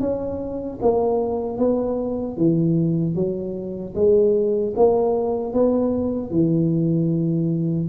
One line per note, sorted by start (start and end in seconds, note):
0.00 0.79 C#4
0.81 1.58 A#3
1.58 2.36 B3
2.37 3.15 E3
3.15 3.94 F#3
3.95 4.74 G#3
4.76 5.53 A#3
5.53 6.30 B3
6.30 7.88 E3